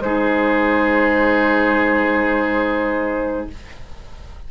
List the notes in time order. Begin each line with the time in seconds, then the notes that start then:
0.00 G#3 D#4 G#4 C5